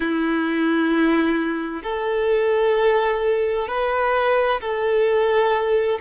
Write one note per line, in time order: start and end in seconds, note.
0.00 1.82 E4
1.83 3.68 A4
3.68 4.60 B4
4.60 5.99 A4